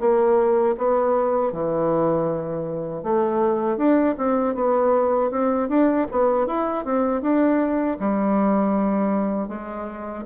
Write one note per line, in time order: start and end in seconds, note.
0.00 0.76 A#3
0.78 1.52 B3
1.52 3.03 E3
3.03 3.77 A3
3.77 4.15 D4
4.18 4.55 C4
4.55 5.31 B3
5.31 5.69 C4
5.69 6.07 D4
6.11 6.47 B3
6.47 6.85 E4
6.85 7.22 C4
7.22 7.97 D4
8.00 9.49 G3
9.49 10.25 G#3